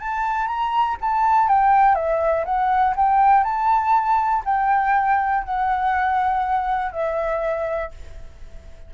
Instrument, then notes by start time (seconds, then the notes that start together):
flute
0.00 A5
0.47 A#5
1.01 A5
1.48 G5
1.95 E5
2.45 F#5
2.96 G5
3.44 A5
4.45 G5
5.44 F#5
6.92 E5